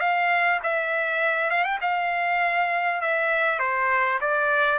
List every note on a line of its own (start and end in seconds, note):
0.00 0.60 F5
0.63 1.51 E5
1.51 1.64 F5
1.64 1.79 G5
1.81 3.01 F5
3.01 3.59 E5
3.59 4.19 C5
4.21 4.79 D5